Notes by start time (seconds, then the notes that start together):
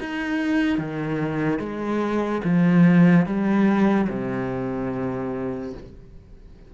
0.00 D#4
0.78 D#3
1.60 G#3
2.44 F3
3.26 G3
4.09 C3